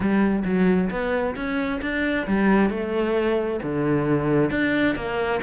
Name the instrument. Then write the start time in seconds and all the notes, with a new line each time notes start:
cello
0.00 G3
0.44 F#3
0.90 B3
1.35 C#4
1.81 D4
2.27 G3
2.69 A3
3.62 D3
4.50 D4
4.95 A#3